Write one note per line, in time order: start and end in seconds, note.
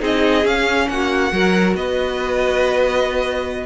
0.00 0.45 C4
0.00 0.43 D#4
0.00 0.87 G#4
0.00 0.47 D#5
0.45 0.88 C#4
0.45 1.31 C#4
0.45 0.88 F5
0.88 1.32 A#3
0.88 1.33 F#4
0.88 1.75 F#5
1.32 1.74 F#3
1.32 3.66 F#4
1.32 1.76 A#4
1.74 3.66 B3
1.74 3.66 B4
1.74 3.66 D#5